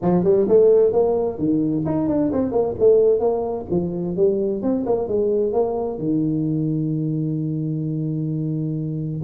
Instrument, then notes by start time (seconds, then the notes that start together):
tuba
0.01 F3
0.23 G3
0.48 A3
0.92 A#3
1.38 D#3
1.85 D#4
2.08 D4
2.32 C4
2.51 A#3
2.79 A3
3.19 A#3
3.70 F3
4.16 G3
4.62 C4
4.85 A#3
5.07 G#3
5.52 A#3
5.98 D#3